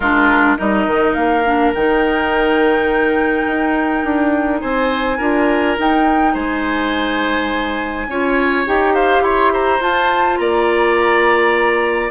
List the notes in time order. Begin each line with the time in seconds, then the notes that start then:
0.00 G#3 D4 F4 A#4
0.57 G3 D#4 A#4 D#5
0.86 D#3
1.13 A#3 F5
1.45 D4
1.74 D#3 D#4 G5
3.46 D#4
4.04 D4
4.60 C4 C5 G#5
5.17 D4 F4 A#4
5.77 D#4 G5
6.33 G#3 C5 G#5
8.07 C#4 F4 C#5
8.66 D#4 G4 G5
8.94 C5 F5
9.20 E4 C#5 C6
9.52 C5 A#5
9.79 F4 A5
10.37 A#3 D5 A#5